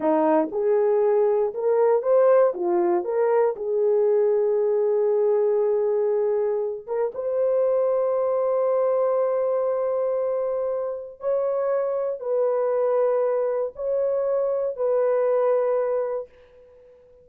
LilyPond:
\new Staff \with { instrumentName = "horn" } { \time 4/4 \tempo 4 = 118 dis'4 gis'2 ais'4 | c''4 f'4 ais'4 gis'4~ | gis'1~ | gis'4. ais'8 c''2~ |
c''1~ | c''2 cis''2 | b'2. cis''4~ | cis''4 b'2. | }